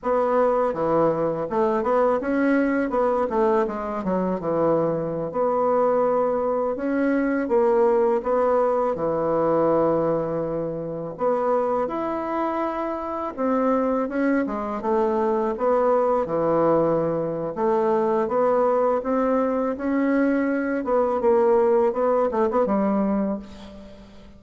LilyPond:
\new Staff \with { instrumentName = "bassoon" } { \time 4/4 \tempo 4 = 82 b4 e4 a8 b8 cis'4 | b8 a8 gis8 fis8 e4~ e16 b8.~ | b4~ b16 cis'4 ais4 b8.~ | b16 e2. b8.~ |
b16 e'2 c'4 cis'8 gis16~ | gis16 a4 b4 e4.~ e16 | a4 b4 c'4 cis'4~ | cis'8 b8 ais4 b8 a16 b16 g4 | }